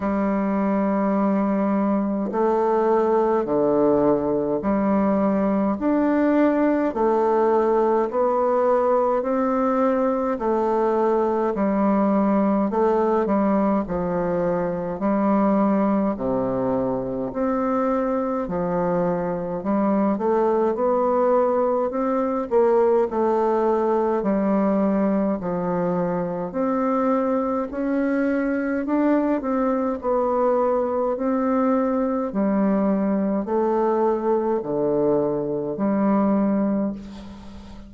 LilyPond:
\new Staff \with { instrumentName = "bassoon" } { \time 4/4 \tempo 4 = 52 g2 a4 d4 | g4 d'4 a4 b4 | c'4 a4 g4 a8 g8 | f4 g4 c4 c'4 |
f4 g8 a8 b4 c'8 ais8 | a4 g4 f4 c'4 | cis'4 d'8 c'8 b4 c'4 | g4 a4 d4 g4 | }